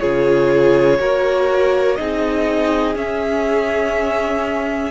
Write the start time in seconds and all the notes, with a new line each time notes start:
0.00 C#3 F4 G#4 C#5
0.99 A#3 F#4 A#4
1.95 C4 D#4 G#4 D#5
2.95 C#4 E5